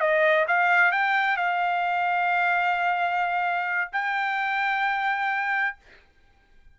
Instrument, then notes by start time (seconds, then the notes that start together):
trumpet
0.00 D#5
0.48 F5
0.92 G5
1.37 F5
3.93 G5